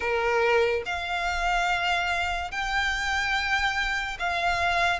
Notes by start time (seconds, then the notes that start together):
0.00 A#4
0.85 F5
2.51 G5
4.19 F5